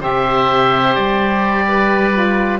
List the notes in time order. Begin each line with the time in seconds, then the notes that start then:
0.00 C3 G4 C5 E5
0.95 G3 D5
1.68 B4
2.13 F4